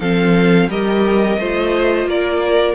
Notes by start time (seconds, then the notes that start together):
0.00 F3 C4 A4 F5
0.68 G3 G4 A#4 D#5
1.37 A3 F4 C5
2.05 A#3 A#4 D5